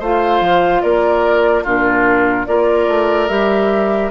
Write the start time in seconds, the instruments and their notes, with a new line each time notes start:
0.00 bassoon A3, clarinet F4, oboe C5, flute F5
0.41 bassoon F3
0.82 bassoon A#3, oboe A#4, flute D5
1.64 bassoon A#2, clarinet D4, oboe F4, flute A#4
2.47 bassoon A#3, clarinet F4, oboe A#4, flute D5
2.88 bassoon A3
3.29 bassoon G3, clarinet G4, flute E5